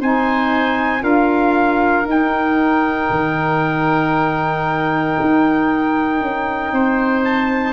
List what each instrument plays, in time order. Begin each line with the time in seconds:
0.00 tuba C4, saxophone D#4, oboe C5, trumpet G#5
0.99 tuba D4, saxophone F4, oboe A#4, trumpet F5
2.05 saxophone D#4, tuba D#4, trumpet G5
3.10 tuba D#3
5.20 tuba D#4
6.20 tuba C#4
6.72 tuba C4, oboe C5
7.25 trumpet A5